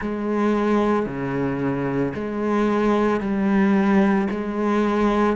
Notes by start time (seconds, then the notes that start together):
0.00 G#3
1.06 C#3
2.14 G#3
3.20 G3
4.31 G#3